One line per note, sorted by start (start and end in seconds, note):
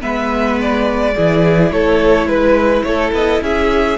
0.00 1.16 G#3
0.00 1.13 B3
0.00 1.14 B4
0.00 0.59 E5
0.61 1.71 D5
1.15 1.71 E3
1.15 3.98 E4
1.15 1.71 G#4
1.71 2.26 A3
1.71 2.27 A4
1.71 2.28 C#5
2.26 2.83 G#3
2.26 2.84 B4
2.26 2.82 B4
2.82 3.12 A3
2.82 3.42 A4
2.82 3.10 C#5
3.12 3.41 B3
3.12 3.42 D#5
3.41 3.98 C#4
3.41 3.98 G#4
3.41 3.98 E5